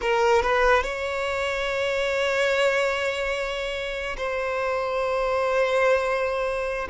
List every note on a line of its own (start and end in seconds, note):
0.01 0.42 A#4
0.42 0.83 B4
0.83 4.16 C#5
4.17 6.87 C5